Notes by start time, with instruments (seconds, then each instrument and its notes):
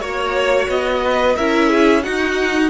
0.00 cello A#3, viola F#4, violin C#5
0.68 cello B3, violin D#5
1.04 violin B4
1.36 cello C#4, viola E4, violin A#4 E5
1.69 violin G#4
2.03 viola D#4, cello D#4, violin F#4 F#5